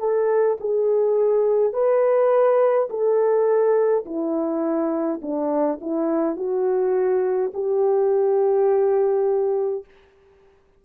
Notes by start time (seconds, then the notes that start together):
0.00 A4
0.61 G#4
1.73 B4
2.90 A4
4.05 E4
5.22 D4
5.81 E4
6.37 F#4
7.54 G4